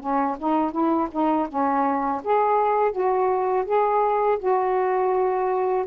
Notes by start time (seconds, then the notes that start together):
0.00 C#4
0.39 D#4
0.72 E4
1.11 D#4
1.49 C#4
2.24 G#4
2.92 F#4
3.66 G#4
4.39 F#4